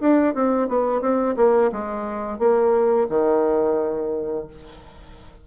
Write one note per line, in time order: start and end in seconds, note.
0.00 0.34 D4
0.34 0.68 C4
0.68 1.01 B3
1.01 1.35 C4
1.36 1.71 A#3
1.72 2.38 G#3
2.38 3.07 A#3
3.09 4.47 D#3